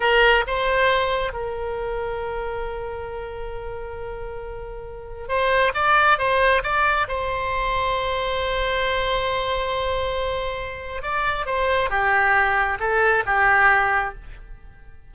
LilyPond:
\new Staff \with { instrumentName = "oboe" } { \time 4/4 \tempo 4 = 136 ais'4 c''2 ais'4~ | ais'1~ | ais'1 | c''4 d''4 c''4 d''4 |
c''1~ | c''1~ | c''4 d''4 c''4 g'4~ | g'4 a'4 g'2 | }